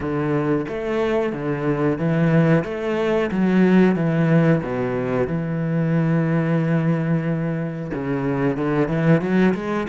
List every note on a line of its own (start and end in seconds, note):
0.00 0.65 D3
0.68 1.32 A3
1.32 1.98 D3
1.98 2.64 E3
2.64 3.30 A3
3.31 3.95 F#3
3.95 4.61 E3
4.62 5.27 B2
5.27 7.91 E3
7.94 8.56 C#3
8.56 8.88 D3
8.88 9.21 E3
9.21 9.54 F#3
9.54 9.87 G#3